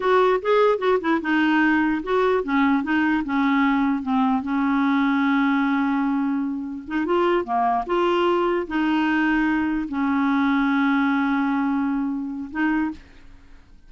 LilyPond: \new Staff \with { instrumentName = "clarinet" } { \time 4/4 \tempo 4 = 149 fis'4 gis'4 fis'8 e'8 dis'4~ | dis'4 fis'4 cis'4 dis'4 | cis'2 c'4 cis'4~ | cis'1~ |
cis'4 dis'8 f'4 ais4 f'8~ | f'4. dis'2~ dis'8~ | dis'8 cis'2.~ cis'8~ | cis'2. dis'4 | }